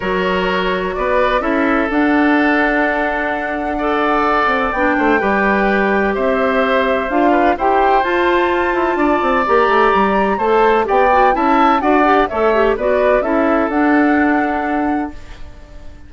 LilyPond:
<<
  \new Staff \with { instrumentName = "flute" } { \time 4/4 \tempo 4 = 127 cis''2 d''4 e''4 | fis''1~ | fis''2 g''2~ | g''4 e''2 f''4 |
g''4 a''2. | ais''2 a''4 g''4 | a''4 fis''4 e''4 d''4 | e''4 fis''2. | }
  \new Staff \with { instrumentName = "oboe" } { \time 4/4 ais'2 b'4 a'4~ | a'1 | d''2~ d''8 c''8 b'4~ | b'4 c''2~ c''8 b'8 |
c''2. d''4~ | d''2 c''4 d''4 | e''4 d''4 cis''4 b'4 | a'1 | }
  \new Staff \with { instrumentName = "clarinet" } { \time 4/4 fis'2. e'4 | d'1 | a'2 d'4 g'4~ | g'2. f'4 |
g'4 f'2. | g'2 a'4 g'8 fis'8 | e'4 fis'8 g'8 a'8 g'8 fis'4 | e'4 d'2. | }
  \new Staff \with { instrumentName = "bassoon" } { \time 4/4 fis2 b4 cis'4 | d'1~ | d'4. c'8 b8 a8 g4~ | g4 c'2 d'4 |
e'4 f'4. e'8 d'8 c'8 | ais8 a8 g4 a4 b4 | cis'4 d'4 a4 b4 | cis'4 d'2. | }
>>